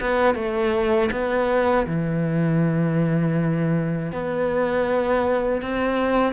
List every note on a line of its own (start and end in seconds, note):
0.00 0.35 B3
0.35 1.10 A3
1.11 1.86 B3
1.86 4.11 E3
4.12 5.61 B3
5.61 6.33 C4